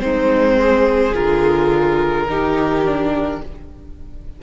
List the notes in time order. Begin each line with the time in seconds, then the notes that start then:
0.00 G#3 C4 D#4 C5
0.60 G#4
1.14 D3 F4 A#4
2.28 D#3 D#4 G4
2.85 D4